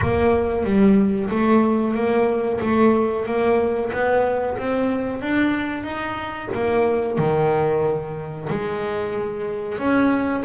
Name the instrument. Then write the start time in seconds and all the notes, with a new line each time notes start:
double bass
0.01 A#3
0.64 G3
1.30 A3
1.94 A#3
2.60 A3
3.26 A#3
3.92 B3
4.57 C4
5.21 D4
5.83 D#4
6.54 A#3
7.17 D#3
8.49 G#3
9.78 C#4